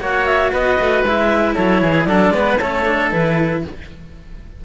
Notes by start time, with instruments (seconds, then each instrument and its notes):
0.00 cello A#3 F#4, oboe C#5, clarinet F#5
0.26 clarinet E5
0.53 cello B3, oboe B4, clarinet D#5
0.81 cello A3
1.04 cello G#3 E4, clarinet E5
1.55 cello F#3, oboe A4, clarinet C#5
1.82 cello E3, oboe G#4
2.05 cello F#3 D4, oboe A4, clarinet D5
2.30 cello G#3 B3, oboe B4
2.60 cello A3 C#4, oboe A4, clarinet C#5
2.86 cello D4
3.11 cello E3 E4, clarinet B4